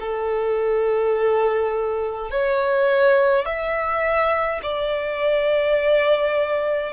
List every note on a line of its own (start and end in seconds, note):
0.00 2.30 A4
2.30 3.45 C#5
3.45 4.60 E5
4.63 6.93 D5